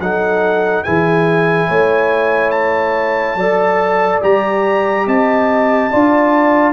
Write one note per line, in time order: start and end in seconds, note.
0.00 0.85 F#3
0.00 0.86 D#4
0.00 0.84 A4
0.00 0.84 F#5
0.84 1.70 E3
0.84 3.39 E4
0.84 1.68 G#4
0.84 2.51 G#5
1.68 3.36 A3
1.68 3.37 C#5
2.51 4.20 A5
3.36 4.20 F#3
3.36 4.22 A4
3.36 5.06 D5
4.22 5.07 G3
4.22 5.91 G4
4.22 5.08 A#5
5.07 5.92 C4
5.07 5.92 D#5
5.07 6.74 A5
5.92 6.74 D4
5.92 6.74 F4
5.92 6.74 D5